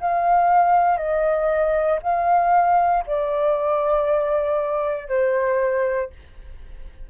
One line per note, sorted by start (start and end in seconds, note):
0.00 0.97 F5
0.97 1.99 D#5
2.02 3.04 F5
3.06 5.08 D5
5.08 6.10 C5